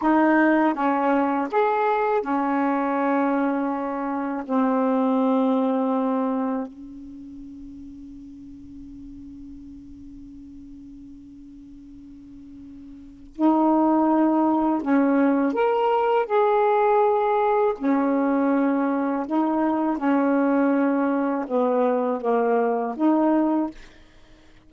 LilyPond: \new Staff \with { instrumentName = "saxophone" } { \time 4/4 \tempo 4 = 81 dis'4 cis'4 gis'4 cis'4~ | cis'2 c'2~ | c'4 cis'2.~ | cis'1~ |
cis'2 dis'2 | cis'4 ais'4 gis'2 | cis'2 dis'4 cis'4~ | cis'4 b4 ais4 dis'4 | }